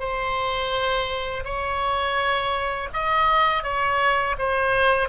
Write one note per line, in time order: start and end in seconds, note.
0.00 1.45 C5
1.45 2.89 C#5
2.94 3.64 D#5
3.64 4.36 C#5
4.39 5.09 C5